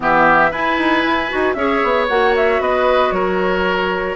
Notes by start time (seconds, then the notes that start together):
0.00 E3 B3 G4 E5
0.51 E4 B4 G#5
0.78 D#4
1.04 E4
1.29 D#4 F#4
1.53 C#4 G#4 C#5 E5
1.83 B3
2.08 A#3 F#4 F#5
2.36 E5
2.59 B3 B4 D#5
3.11 F#3 A#4 C#5